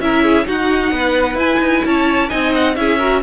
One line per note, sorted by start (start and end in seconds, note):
0.00 0.46 C#4
0.00 0.45 E4
0.00 0.23 A#4
0.00 0.47 E5
0.23 0.46 G#4
0.45 1.38 D#4
0.45 0.92 D#4
0.45 0.94 F#4
0.45 1.39 F#5
0.92 1.35 B3
0.92 1.86 B4
1.35 1.58 E4
1.35 2.29 E4
1.35 1.85 G#5
1.59 1.82 D#4
1.85 2.31 C#4
1.85 2.30 C#5
1.85 2.29 A5
2.29 2.76 C4
2.29 2.75 D#4
2.29 2.76 D#5
2.29 2.52 G#5
2.55 2.76 F#5
2.76 3.23 C#4
2.76 2.99 E4
2.76 2.98 G#4
2.76 3.22 E5
2.98 3.23 F#4
2.98 3.21 A#4